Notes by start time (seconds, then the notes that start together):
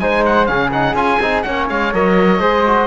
0.00 G#3 D#4 C5 G#5
0.26 F#5
0.46 C#3 C#4 G#4 F5
0.72 D#4 F#5
0.94 C#4 F4 G#5
1.20 C4 D#4
1.42 A#3 C#4 C#5 F#5
1.70 G#3 F5
1.93 F#3 A#4 D#5
2.40 G#3 G#4 C5
2.67 F#4